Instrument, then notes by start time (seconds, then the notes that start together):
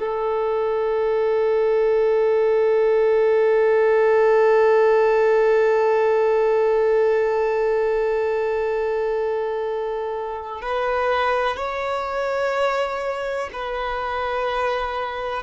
violin
0.00 A4
10.62 B4
11.57 C#5
13.53 B4